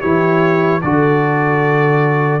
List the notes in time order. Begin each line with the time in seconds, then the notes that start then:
0.00 E3 E4 G4 C#5
0.81 D3 F#4 A4 D5